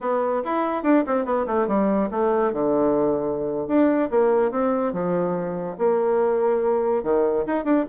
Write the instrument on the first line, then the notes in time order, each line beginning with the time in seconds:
bassoon
0.00 B3
0.44 E4
0.83 D4
1.06 C4
1.25 B3
1.46 A3
1.67 G3
2.11 A3
2.53 D3
3.67 D4
4.10 A#3
4.51 C4
4.93 F3
5.78 A#3
7.03 D#3
7.46 D#4
7.64 D4